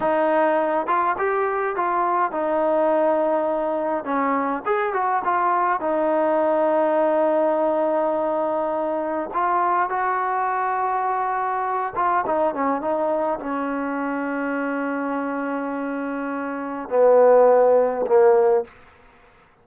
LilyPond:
\new Staff \with { instrumentName = "trombone" } { \time 4/4 \tempo 4 = 103 dis'4. f'8 g'4 f'4 | dis'2. cis'4 | gis'8 fis'8 f'4 dis'2~ | dis'1 |
f'4 fis'2.~ | fis'8 f'8 dis'8 cis'8 dis'4 cis'4~ | cis'1~ | cis'4 b2 ais4 | }